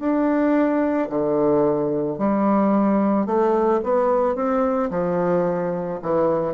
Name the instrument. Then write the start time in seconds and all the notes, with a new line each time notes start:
bassoon
0.00 D4
1.10 D3
2.19 G3
3.26 A3
3.84 B3
4.36 C4
4.91 F3
6.03 E3